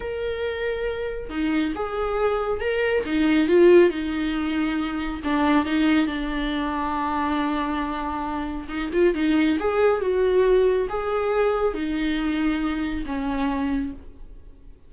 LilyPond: \new Staff \with { instrumentName = "viola" } { \time 4/4 \tempo 4 = 138 ais'2. dis'4 | gis'2 ais'4 dis'4 | f'4 dis'2. | d'4 dis'4 d'2~ |
d'1 | dis'8 f'8 dis'4 gis'4 fis'4~ | fis'4 gis'2 dis'4~ | dis'2 cis'2 | }